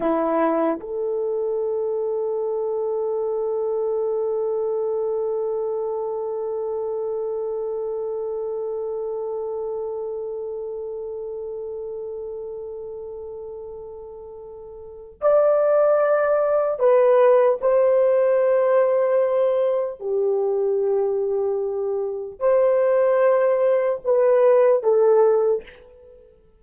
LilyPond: \new Staff \with { instrumentName = "horn" } { \time 4/4 \tempo 4 = 75 e'4 a'2.~ | a'1~ | a'1~ | a'1~ |
a'2. d''4~ | d''4 b'4 c''2~ | c''4 g'2. | c''2 b'4 a'4 | }